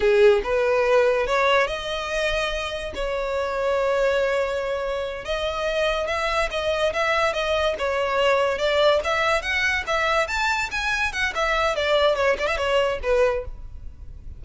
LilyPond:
\new Staff \with { instrumentName = "violin" } { \time 4/4 \tempo 4 = 143 gis'4 b'2 cis''4 | dis''2. cis''4~ | cis''1~ | cis''8 dis''2 e''4 dis''8~ |
dis''8 e''4 dis''4 cis''4.~ | cis''8 d''4 e''4 fis''4 e''8~ | e''8 a''4 gis''4 fis''8 e''4 | d''4 cis''8 d''16 e''16 cis''4 b'4 | }